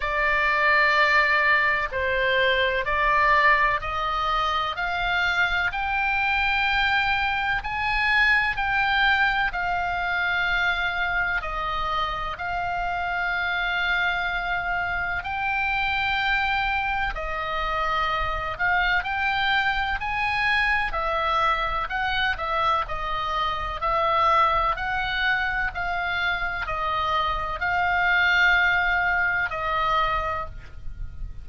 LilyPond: \new Staff \with { instrumentName = "oboe" } { \time 4/4 \tempo 4 = 63 d''2 c''4 d''4 | dis''4 f''4 g''2 | gis''4 g''4 f''2 | dis''4 f''2. |
g''2 dis''4. f''8 | g''4 gis''4 e''4 fis''8 e''8 | dis''4 e''4 fis''4 f''4 | dis''4 f''2 dis''4 | }